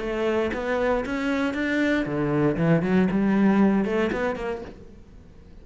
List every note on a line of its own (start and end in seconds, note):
0.00 0.51 A3
0.54 1.05 B3
1.06 1.54 C#4
1.54 2.05 D4
2.06 2.57 D3
2.58 2.83 E3
2.83 3.08 F#3
3.11 3.85 G3
3.85 4.11 A3
4.12 4.36 B3
4.36 4.62 A#3